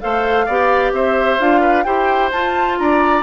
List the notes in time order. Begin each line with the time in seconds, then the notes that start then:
0.00 A3 A4 C5 F5
0.46 B3 G4 D5
0.92 C4 C5 E5
1.39 D4 F4 F5
1.60 B4
1.83 E4 G4 C5 G5
2.31 F4 A5
2.78 D4 D5 A#5